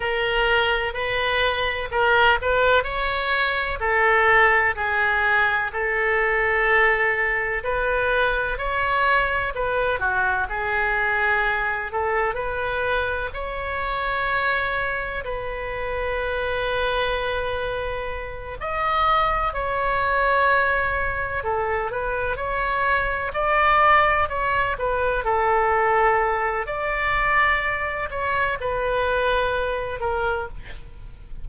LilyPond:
\new Staff \with { instrumentName = "oboe" } { \time 4/4 \tempo 4 = 63 ais'4 b'4 ais'8 b'8 cis''4 | a'4 gis'4 a'2 | b'4 cis''4 b'8 fis'8 gis'4~ | gis'8 a'8 b'4 cis''2 |
b'2.~ b'8 dis''8~ | dis''8 cis''2 a'8 b'8 cis''8~ | cis''8 d''4 cis''8 b'8 a'4. | d''4. cis''8 b'4. ais'8 | }